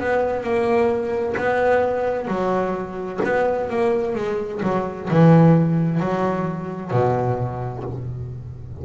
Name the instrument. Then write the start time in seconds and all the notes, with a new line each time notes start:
double bass
0.00 B3
0.44 A#3
1.38 B3
2.28 F#3
3.25 B3
3.70 A#3
4.15 G#3
4.63 F#3
5.11 E3
6.00 F#3
6.92 B2